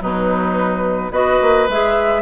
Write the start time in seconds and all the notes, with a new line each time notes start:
0.00 B2 F#3 D#4 B4
1.11 B3 F#4 B4 D#5
1.41 A#3
1.68 G#3 G#4 E5